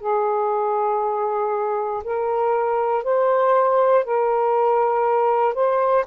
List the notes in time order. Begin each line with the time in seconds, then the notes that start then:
0.00 G#4
2.04 A#4
3.04 C5
4.05 A#4
5.54 C5